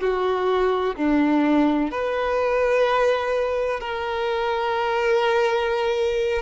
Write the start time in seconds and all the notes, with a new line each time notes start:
0.00 F#4
0.96 D4
1.91 B4
3.80 A#4